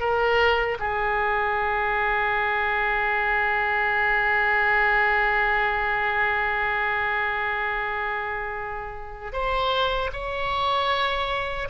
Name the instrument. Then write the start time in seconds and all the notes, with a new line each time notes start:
oboe
0.00 A#4
0.79 G#4
9.33 C5
10.12 C#5